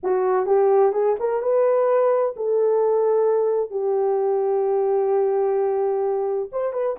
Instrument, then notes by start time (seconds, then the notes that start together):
horn
0.03 F#4
0.45 G4
0.92 G#4
1.19 A#4
1.42 B4
2.36 A4
3.70 G4
6.52 C5
6.73 B4